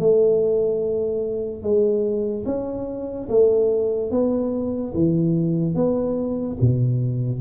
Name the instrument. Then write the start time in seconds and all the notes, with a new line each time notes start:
tuba
0.00 A3
1.63 G#3
2.46 C#4
3.30 A3
4.11 B3
4.94 E3
5.75 B3
6.62 B2